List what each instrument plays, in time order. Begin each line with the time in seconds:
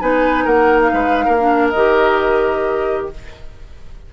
0.00 bassoon B3, clarinet D#4, oboe B4, flute G#5
0.45 bassoon A#3, oboe A#4, flute F#5
0.82 flute F5
0.93 bassoon G#3, oboe B4
1.25 bassoon A#3, oboe A#4
1.39 clarinet D4
1.69 bassoon D#3, flute D#5
1.76 clarinet G4